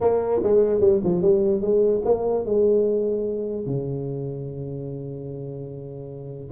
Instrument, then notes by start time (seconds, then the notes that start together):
tuba
0.01 A#3
0.43 G#3
0.80 G3
1.04 F3
1.21 G3
1.61 G#3
2.04 A#3
2.45 G#3
3.66 C#3